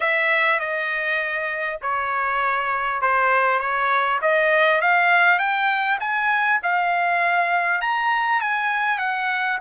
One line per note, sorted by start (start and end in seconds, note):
0.00 0.59 E5
0.59 1.79 D#5
1.81 3.01 C#5
3.01 3.59 C5
3.59 4.19 C#5
4.21 4.81 D#5
4.81 5.38 F5
5.38 5.98 G5
5.99 6.59 G#5
6.62 7.81 F5
7.81 8.40 A#5
8.40 8.98 G#5
8.98 9.58 F#5